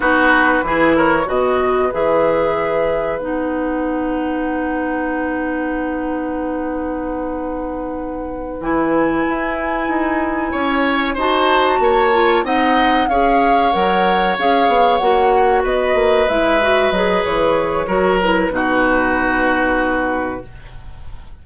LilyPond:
<<
  \new Staff \with { instrumentName = "flute" } { \time 4/4 \tempo 4 = 94 b'4. cis''8 dis''4 e''4~ | e''4 fis''2.~ | fis''1~ | fis''4. gis''2~ gis''8~ |
gis''4. a''2 fis''8~ | fis''8 f''4 fis''4 f''4 fis''8~ | fis''8 dis''4 e''4 dis''8 cis''4~ | cis''8 b'2.~ b'8 | }
  \new Staff \with { instrumentName = "oboe" } { \time 4/4 fis'4 gis'8 ais'8 b'2~ | b'1~ | b'1~ | b'1~ |
b'8 cis''4 c''4 cis''4 dis''8~ | dis''8 cis''2.~ cis''8~ | cis''8 b'2.~ b'8 | ais'4 fis'2. | }
  \new Staff \with { instrumentName = "clarinet" } { \time 4/4 dis'4 e'4 fis'4 gis'4~ | gis'4 dis'2.~ | dis'1~ | dis'4. e'2~ e'8~ |
e'4. fis'4. f'8 dis'8~ | dis'8 gis'4 ais'4 gis'4 fis'8~ | fis'4. e'8 fis'8 gis'4. | fis'8 e'8 dis'2. | }
  \new Staff \with { instrumentName = "bassoon" } { \time 4/4 b4 e4 b,4 e4~ | e4 b2.~ | b1~ | b4. e4 e'4 dis'8~ |
dis'8 cis'4 dis'4 ais4 c'8~ | c'8 cis'4 fis4 cis'8 b8 ais8~ | ais8 b8 ais8 gis4 fis8 e4 | fis4 b,2. | }
>>